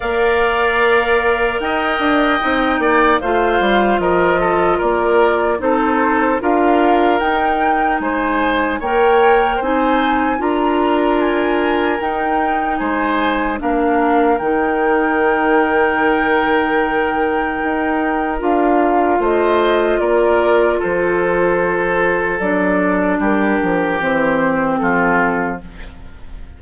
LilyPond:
<<
  \new Staff \with { instrumentName = "flute" } { \time 4/4 \tempo 4 = 75 f''2 g''2 | f''4 dis''4 d''4 c''4 | f''4 g''4 gis''4 g''4 | gis''4 ais''4 gis''4 g''4 |
gis''4 f''4 g''2~ | g''2. f''4 | dis''4 d''4 c''2 | d''4 ais'4 c''4 a'4 | }
  \new Staff \with { instrumentName = "oboe" } { \time 4/4 d''2 dis''4. d''8 | c''4 ais'8 a'8 ais'4 a'4 | ais'2 c''4 cis''4 | c''4 ais'2. |
c''4 ais'2.~ | ais'1 | c''4 ais'4 a'2~ | a'4 g'2 f'4 | }
  \new Staff \with { instrumentName = "clarinet" } { \time 4/4 ais'2. dis'4 | f'2. dis'4 | f'4 dis'2 ais'4 | dis'4 f'2 dis'4~ |
dis'4 d'4 dis'2~ | dis'2. f'4~ | f'1 | d'2 c'2 | }
  \new Staff \with { instrumentName = "bassoon" } { \time 4/4 ais2 dis'8 d'8 c'8 ais8 | a8 g8 f4 ais4 c'4 | d'4 dis'4 gis4 ais4 | c'4 d'2 dis'4 |
gis4 ais4 dis2~ | dis2 dis'4 d'4 | a4 ais4 f2 | fis4 g8 f8 e4 f4 | }
>>